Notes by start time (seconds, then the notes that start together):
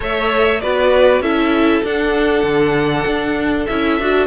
0.00 A3 A4 C#5 E5
0.60 B3 F#4 B4 D5
1.20 C#4 E4 A4 E5
1.83 D4 F#5
2.43 D3
3.06 D4
3.66 C#4 E4 E5
4.00 D4 F#4